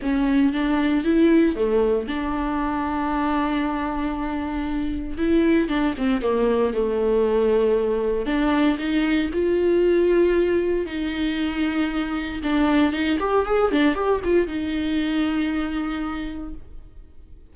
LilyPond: \new Staff \with { instrumentName = "viola" } { \time 4/4 \tempo 4 = 116 cis'4 d'4 e'4 a4 | d'1~ | d'2 e'4 d'8 c'8 | ais4 a2. |
d'4 dis'4 f'2~ | f'4 dis'2. | d'4 dis'8 g'8 gis'8 d'8 g'8 f'8 | dis'1 | }